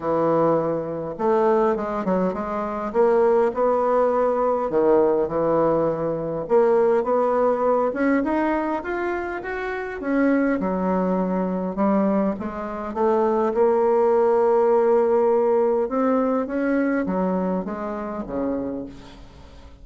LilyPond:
\new Staff \with { instrumentName = "bassoon" } { \time 4/4 \tempo 4 = 102 e2 a4 gis8 fis8 | gis4 ais4 b2 | dis4 e2 ais4 | b4. cis'8 dis'4 f'4 |
fis'4 cis'4 fis2 | g4 gis4 a4 ais4~ | ais2. c'4 | cis'4 fis4 gis4 cis4 | }